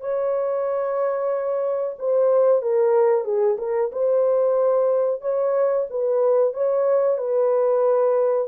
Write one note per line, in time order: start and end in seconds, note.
0.00 1.96 C#5
1.99 2.62 C5
2.62 3.24 A#4
3.24 3.57 G#4
3.58 3.90 A#4
3.92 5.21 C5
5.21 5.86 C#5
5.90 6.53 B4
6.53 7.17 C#5
7.17 8.48 B4